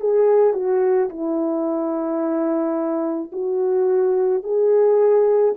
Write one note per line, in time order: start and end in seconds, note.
0.00 0.54 G#4
0.54 1.09 F#4
1.09 3.31 E4
3.32 4.43 F#4
4.43 5.55 G#4